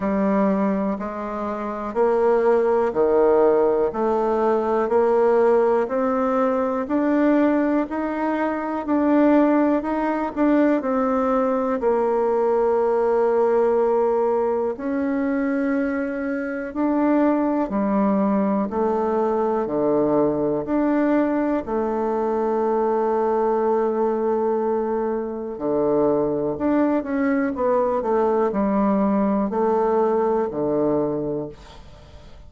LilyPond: \new Staff \with { instrumentName = "bassoon" } { \time 4/4 \tempo 4 = 61 g4 gis4 ais4 dis4 | a4 ais4 c'4 d'4 | dis'4 d'4 dis'8 d'8 c'4 | ais2. cis'4~ |
cis'4 d'4 g4 a4 | d4 d'4 a2~ | a2 d4 d'8 cis'8 | b8 a8 g4 a4 d4 | }